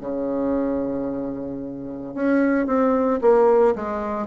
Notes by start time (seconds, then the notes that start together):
0.00 C#3
2.14 C#4
2.66 C4
3.21 A#3
3.75 G#3